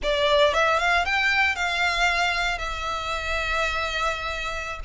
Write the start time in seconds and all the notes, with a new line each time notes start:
0.02 D5
0.53 E5
0.78 F5
1.05 G5
1.55 F5
2.58 E5